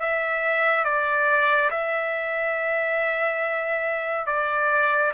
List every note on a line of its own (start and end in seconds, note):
0.00 0.85 E5
0.85 1.70 D5
1.71 4.27 E5
4.27 5.12 D5